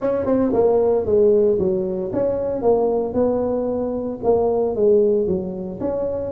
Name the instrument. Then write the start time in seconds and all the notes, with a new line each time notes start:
tuba
0.01 C#4
0.25 C4
0.53 A#3
1.05 G#3
1.59 F#3
2.13 C#4
2.62 A#3
3.13 B3
4.23 A#3
4.75 G#3
5.27 F#3
5.80 C#4